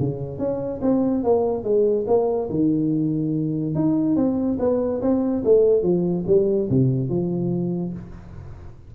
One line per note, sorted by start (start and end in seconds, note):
0.00 0.39 C#3
0.39 0.81 C#4
0.82 1.24 C4
1.24 1.64 A#3
1.64 2.06 G#3
2.08 2.50 A#3
2.50 3.75 D#3
3.75 4.16 D#4
4.16 4.58 C4
4.59 5.01 B3
5.02 5.44 C4
5.45 5.82 A3
5.82 6.24 F3
6.27 6.69 G3
6.70 7.09 C3
7.09 7.93 F3